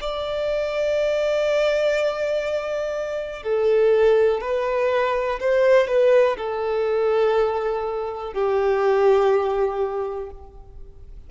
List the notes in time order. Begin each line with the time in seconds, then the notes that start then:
0.00 D5
3.42 A4
4.41 B4
5.39 C5
5.87 B4
6.37 A4
8.33 G4